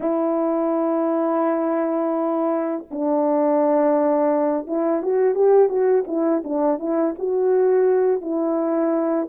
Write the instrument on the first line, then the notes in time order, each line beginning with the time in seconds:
horn
0.00 E4
2.90 D4
4.66 E4
5.02 F#4
5.34 G4
5.69 F#4
6.07 E4
6.44 D4
6.79 E4
7.18 F#4
8.21 E4